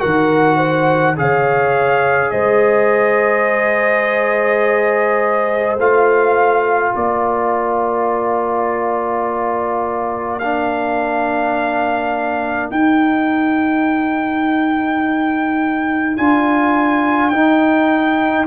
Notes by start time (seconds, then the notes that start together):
0.00 D#3 F#4 A#4 F#5
0.57 C5
1.17 C#3 G#4 C#5 F5
2.31 G#3 C5 D#5
5.77 A3 F4 F5
6.94 A#3 A#4 D5
10.39 D4 F5
12.71 D#4 G5
16.17 D4 F4 G#5
17.30 D#4 G5